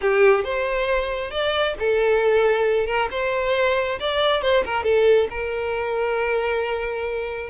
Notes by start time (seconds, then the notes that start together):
0.01 G4
0.44 C5
1.30 D5
1.79 A4
2.86 A#4
3.11 C5
3.99 D5
4.42 C5
4.65 A#4
4.83 A4
5.30 A#4